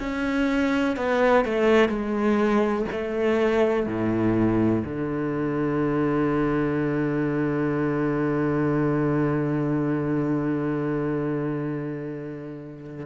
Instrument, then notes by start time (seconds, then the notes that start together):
cello
0.00 C#4
0.97 B3
1.45 A3
1.89 G#3
2.92 A3
3.87 A2
4.85 D3